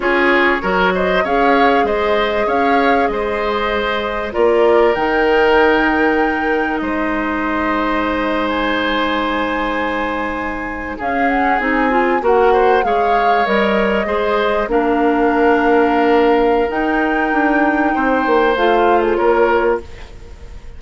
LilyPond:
<<
  \new Staff \with { instrumentName = "flute" } { \time 4/4 \tempo 4 = 97 cis''4. dis''8 f''4 dis''4 | f''4 dis''2 d''4 | g''2. dis''4~ | dis''4.~ dis''16 gis''2~ gis''16~ |
gis''4.~ gis''16 f''8 fis''8 gis''4 fis''16~ | fis''8. f''4 dis''2 f''16~ | f''2. g''4~ | g''2 f''8. gis'16 cis''4 | }
  \new Staff \with { instrumentName = "oboe" } { \time 4/4 gis'4 ais'8 c''8 cis''4 c''4 | cis''4 c''2 ais'4~ | ais'2. c''4~ | c''1~ |
c''4.~ c''16 gis'2 ais'16~ | ais'16 c''8 cis''2 c''4 ais'16~ | ais'1~ | ais'4 c''2 ais'4 | }
  \new Staff \with { instrumentName = "clarinet" } { \time 4/4 f'4 fis'4 gis'2~ | gis'2. f'4 | dis'1~ | dis'1~ |
dis'4.~ dis'16 cis'4 dis'8 f'8 fis'16~ | fis'8. gis'4 ais'4 gis'4 d'16~ | d'2. dis'4~ | dis'2 f'2 | }
  \new Staff \with { instrumentName = "bassoon" } { \time 4/4 cis'4 fis4 cis'4 gis4 | cis'4 gis2 ais4 | dis2. gis4~ | gis1~ |
gis4.~ gis16 cis'4 c'4 ais16~ | ais8. gis4 g4 gis4 ais16~ | ais2. dis'4 | d'4 c'8 ais8 a4 ais4 | }
>>